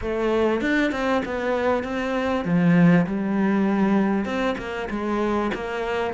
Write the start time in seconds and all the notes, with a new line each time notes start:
0.01 A3
0.61 D4
0.91 C4
1.25 B3
1.83 C4
2.44 F3
3.06 G3
4.25 C4
4.58 A#3
4.90 G#3
5.54 A#3